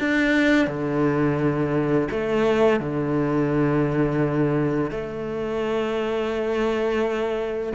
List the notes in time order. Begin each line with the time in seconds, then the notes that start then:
0.00 D4
0.68 D3
2.11 A3
2.80 D3
4.91 A3